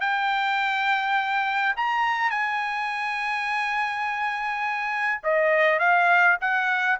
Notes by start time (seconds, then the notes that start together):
0.00 G5
1.76 A#5
2.30 G#5
5.23 D#5
5.79 F5
6.41 F#5